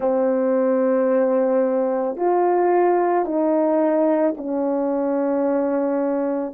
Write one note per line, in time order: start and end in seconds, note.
0.00 2.16 C4
2.16 3.25 F4
3.25 4.34 D#4
4.37 6.53 C#4